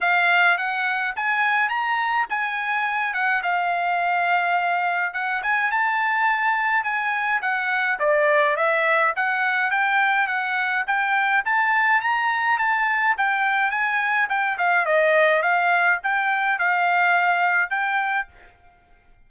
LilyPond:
\new Staff \with { instrumentName = "trumpet" } { \time 4/4 \tempo 4 = 105 f''4 fis''4 gis''4 ais''4 | gis''4. fis''8 f''2~ | f''4 fis''8 gis''8 a''2 | gis''4 fis''4 d''4 e''4 |
fis''4 g''4 fis''4 g''4 | a''4 ais''4 a''4 g''4 | gis''4 g''8 f''8 dis''4 f''4 | g''4 f''2 g''4 | }